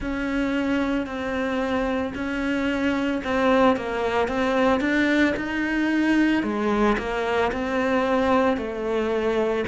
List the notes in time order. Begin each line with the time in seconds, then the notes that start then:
0.00 C#4
1.06 C4
2.14 C#4
3.23 C4
3.76 A#3
4.28 C4
4.80 D4
5.36 D#4
6.43 G#3
6.97 A#3
7.52 C4
8.57 A3